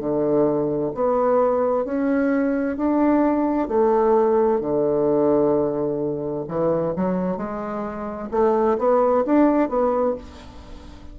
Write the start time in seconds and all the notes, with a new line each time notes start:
0.00 D3
0.95 B3
1.85 C#4
2.77 D4
3.68 A3
4.61 D3
6.48 E3
6.96 F#3
7.37 G#3
8.32 A3
8.79 B3
9.26 D4
9.69 B3